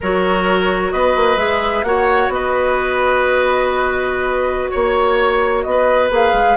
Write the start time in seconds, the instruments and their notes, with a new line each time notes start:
0.00 bassoon F#3, clarinet F#4, oboe A#4, flute C#5
0.91 bassoon B3, oboe B4, flute D#5
1.15 bassoon A#3
1.36 bassoon G#3, clarinet G#4, flute E5
1.83 bassoon A#3, clarinet F#4, oboe C#5, flute F#5
2.28 bassoon B3, oboe B4, flute D#5
4.69 bassoon A#3, flute C#5, oboe C#5
5.62 bassoon B3, flute D#5
5.70 oboe B4
6.10 bassoon A#3, clarinet G#4, flute F5
6.32 bassoon G#3